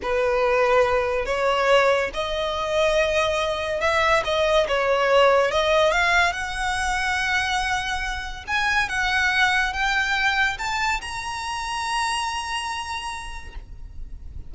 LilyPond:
\new Staff \with { instrumentName = "violin" } { \time 4/4 \tempo 4 = 142 b'2. cis''4~ | cis''4 dis''2.~ | dis''4 e''4 dis''4 cis''4~ | cis''4 dis''4 f''4 fis''4~ |
fis''1 | gis''4 fis''2 g''4~ | g''4 a''4 ais''2~ | ais''1 | }